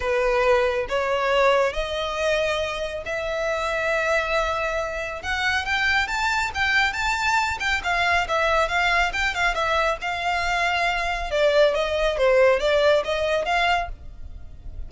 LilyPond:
\new Staff \with { instrumentName = "violin" } { \time 4/4 \tempo 4 = 138 b'2 cis''2 | dis''2. e''4~ | e''1 | fis''4 g''4 a''4 g''4 |
a''4. g''8 f''4 e''4 | f''4 g''8 f''8 e''4 f''4~ | f''2 d''4 dis''4 | c''4 d''4 dis''4 f''4 | }